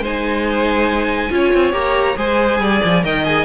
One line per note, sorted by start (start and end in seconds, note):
0.00 1.29 G#3
0.00 1.30 D#4
0.00 1.31 C5
0.00 1.74 G#5
1.30 1.53 C#4
1.30 1.72 F4
1.30 2.18 C#5
1.54 1.73 C4
1.72 2.16 A#3
1.72 2.16 G4
1.72 2.17 A#5
2.17 2.60 G#3
2.17 3.03 G#4
2.17 2.61 C5
2.17 3.04 G#5
2.60 2.81 G3
2.60 3.05 D5
2.85 3.04 F3
3.04 3.45 D#3
3.04 3.25 A#4
3.04 3.45 D#5
3.04 3.25 G5
3.25 3.45 G#4
3.25 3.45 G#5